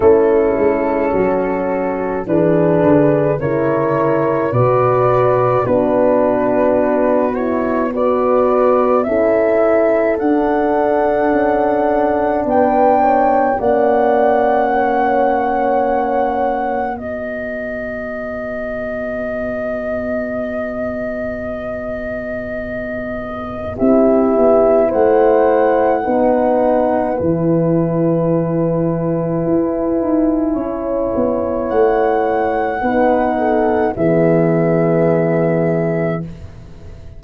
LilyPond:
<<
  \new Staff \with { instrumentName = "flute" } { \time 4/4 \tempo 4 = 53 a'2 b'4 cis''4 | d''4 b'4. cis''8 d''4 | e''4 fis''2 g''4 | fis''2. dis''4~ |
dis''1~ | dis''4 e''4 fis''2 | gis''1 | fis''2 e''2 | }
  \new Staff \with { instrumentName = "horn" } { \time 4/4 e'4 fis'4 gis'4 ais'4 | b'4 fis'2 b'4 | a'2. b'8 cis''8 | d''4 cis''2 b'4~ |
b'1~ | b'4 g'4 c''4 b'4~ | b'2. cis''4~ | cis''4 b'8 a'8 gis'2 | }
  \new Staff \with { instrumentName = "horn" } { \time 4/4 cis'2 d'4 e'4 | fis'4 d'4. e'8 fis'4 | e'4 d'2. | cis'2. fis'4~ |
fis'1~ | fis'4 e'2 dis'4 | e'1~ | e'4 dis'4 b2 | }
  \new Staff \with { instrumentName = "tuba" } { \time 4/4 a8 gis8 fis4 e8 d8 cis4 | b,4 b2. | cis'4 d'4 cis'4 b4 | ais2. b4~ |
b1~ | b4 c'8 b8 a4 b4 | e2 e'8 dis'8 cis'8 b8 | a4 b4 e2 | }
>>